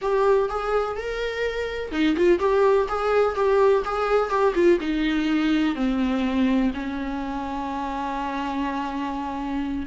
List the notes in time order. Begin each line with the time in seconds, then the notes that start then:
0.01 G4
0.49 G#4
0.96 A#4
1.91 D#4
2.16 F4
2.39 G4
2.88 G#4
3.35 G4
3.84 G#4
4.29 G4
4.54 F4
4.80 D#4
5.75 C4
6.74 C#4